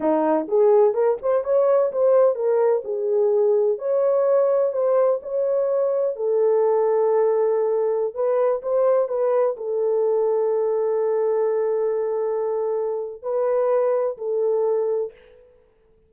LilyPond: \new Staff \with { instrumentName = "horn" } { \time 4/4 \tempo 4 = 127 dis'4 gis'4 ais'8 c''8 cis''4 | c''4 ais'4 gis'2 | cis''2 c''4 cis''4~ | cis''4 a'2.~ |
a'4~ a'16 b'4 c''4 b'8.~ | b'16 a'2.~ a'8.~ | a'1 | b'2 a'2 | }